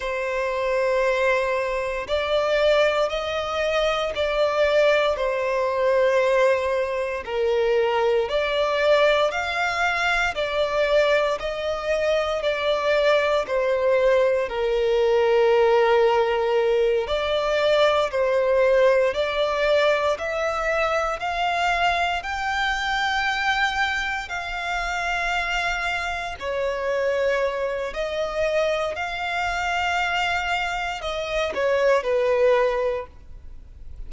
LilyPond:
\new Staff \with { instrumentName = "violin" } { \time 4/4 \tempo 4 = 58 c''2 d''4 dis''4 | d''4 c''2 ais'4 | d''4 f''4 d''4 dis''4 | d''4 c''4 ais'2~ |
ais'8 d''4 c''4 d''4 e''8~ | e''8 f''4 g''2 f''8~ | f''4. cis''4. dis''4 | f''2 dis''8 cis''8 b'4 | }